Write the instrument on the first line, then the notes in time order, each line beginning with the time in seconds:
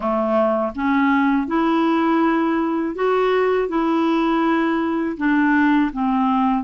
clarinet
0.00 A3
0.75 C#4
1.47 E4
2.95 F#4
3.68 E4
5.17 D4
5.92 C4